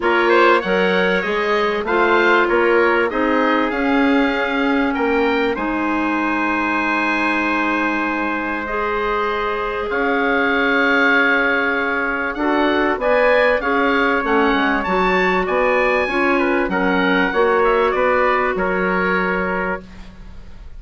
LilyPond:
<<
  \new Staff \with { instrumentName = "oboe" } { \time 4/4 \tempo 4 = 97 cis''4 fis''4 dis''4 f''4 | cis''4 dis''4 f''2 | g''4 gis''2.~ | gis''2 dis''2 |
f''1 | fis''4 gis''4 f''4 fis''4 | a''4 gis''2 fis''4~ | fis''8 e''8 d''4 cis''2 | }
  \new Staff \with { instrumentName = "trumpet" } { \time 4/4 ais'8 c''8 cis''2 c''4 | ais'4 gis'2. | ais'4 c''2.~ | c''1 |
cis''1 | a'4 d''4 cis''2~ | cis''4 d''4 cis''8 b'8 ais'4 | cis''4 b'4 ais'2 | }
  \new Staff \with { instrumentName = "clarinet" } { \time 4/4 f'4 ais'4 gis'4 f'4~ | f'4 dis'4 cis'2~ | cis'4 dis'2.~ | dis'2 gis'2~ |
gis'1 | fis'4 b'4 gis'4 cis'4 | fis'2 f'4 cis'4 | fis'1 | }
  \new Staff \with { instrumentName = "bassoon" } { \time 4/4 ais4 fis4 gis4 a4 | ais4 c'4 cis'2 | ais4 gis2.~ | gis1 |
cis'1 | d'4 b4 cis'4 a8 gis8 | fis4 b4 cis'4 fis4 | ais4 b4 fis2 | }
>>